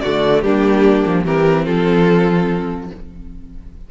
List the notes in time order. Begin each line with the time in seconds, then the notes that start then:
0.00 D3 A3 F#4 D5
0.41 G3 A#3 D4 G4
1.06 F3
1.25 E3 C4 G4 A#4
1.65 F3 F4 A4